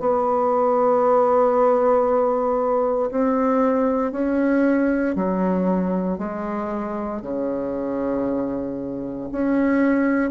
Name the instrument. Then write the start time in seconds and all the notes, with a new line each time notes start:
bassoon
0.00 B3
3.11 C4
4.12 C#4
5.15 F#3
6.18 G#3
7.22 C#3
9.32 C#4